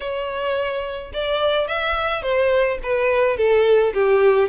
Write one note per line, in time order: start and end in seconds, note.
0.00 1.12 C#5
1.13 1.67 D5
1.67 2.22 E5
2.22 2.78 C5
2.82 3.37 B4
3.37 3.93 A4
3.93 4.48 G4